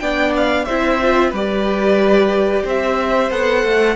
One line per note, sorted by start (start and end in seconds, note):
0.00 0.68 B3
0.00 0.67 D4
0.00 0.67 D5
0.00 0.33 G5
0.37 0.65 F5
0.65 1.32 C4
0.65 1.02 E4
0.65 1.31 C5
0.65 1.31 E5
1.02 1.34 F4
1.31 2.64 G3
1.31 3.31 G4
1.31 2.63 B4
1.31 2.67 D5
2.64 3.31 C4
2.64 3.96 C5
2.64 3.32 E5
3.31 3.64 B3
3.31 3.96 A4
3.31 3.96 F#5
3.64 3.96 A3